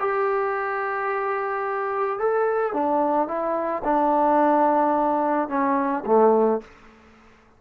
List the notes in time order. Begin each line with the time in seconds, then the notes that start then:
0.00 G4
2.19 A4
2.74 D4
3.28 E4
3.85 D4
5.49 C#4
6.06 A3